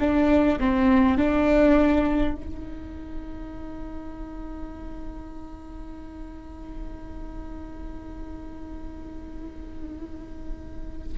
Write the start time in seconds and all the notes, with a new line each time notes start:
0.00 D4
0.60 C4
1.18 D4
2.35 D#4